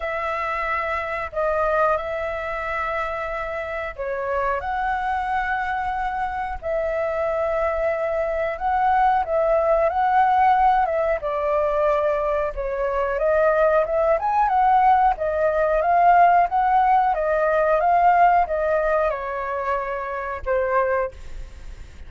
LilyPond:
\new Staff \with { instrumentName = "flute" } { \time 4/4 \tempo 4 = 91 e''2 dis''4 e''4~ | e''2 cis''4 fis''4~ | fis''2 e''2~ | e''4 fis''4 e''4 fis''4~ |
fis''8 e''8 d''2 cis''4 | dis''4 e''8 gis''8 fis''4 dis''4 | f''4 fis''4 dis''4 f''4 | dis''4 cis''2 c''4 | }